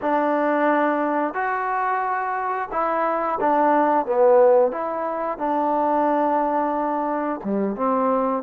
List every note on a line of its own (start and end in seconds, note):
0.01 1.34 D4
1.34 2.68 F#4
2.71 3.39 E4
3.40 4.06 D4
4.06 4.71 B3
4.71 5.38 E4
5.38 7.40 D4
7.44 7.76 G3
7.76 8.43 C4